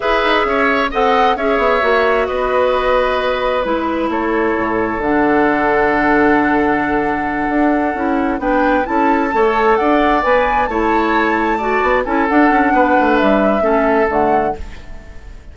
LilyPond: <<
  \new Staff \with { instrumentName = "flute" } { \time 4/4 \tempo 4 = 132 e''2 fis''4 e''4~ | e''4 dis''2. | b'4 cis''2 fis''4~ | fis''1~ |
fis''2~ fis''8 g''4 a''8~ | a''4. fis''4 gis''4 a''8~ | a''2~ a''8 gis''8 fis''4~ | fis''4 e''2 fis''4 | }
  \new Staff \with { instrumentName = "oboe" } { \time 4/4 b'4 cis''4 dis''4 cis''4~ | cis''4 b'2.~ | b'4 a'2.~ | a'1~ |
a'2~ a'8 b'4 a'8~ | a'8 cis''4 d''2 cis''8~ | cis''4. d''4 a'4. | b'2 a'2 | }
  \new Staff \with { instrumentName = "clarinet" } { \time 4/4 gis'2 a'4 gis'4 | fis'1 | e'2. d'4~ | d'1~ |
d'4. e'4 d'4 e'8~ | e'8 a'2 b'4 e'8~ | e'4. fis'4 e'8 d'4~ | d'2 cis'4 a4 | }
  \new Staff \with { instrumentName = "bassoon" } { \time 4/4 e'8 dis'8 cis'4 c'4 cis'8 b8 | ais4 b2. | gis4 a4 a,4 d4~ | d1~ |
d8 d'4 cis'4 b4 cis'8~ | cis'8 a4 d'4 b4 a8~ | a2 b8 cis'8 d'8 cis'8 | b8 a8 g4 a4 d4 | }
>>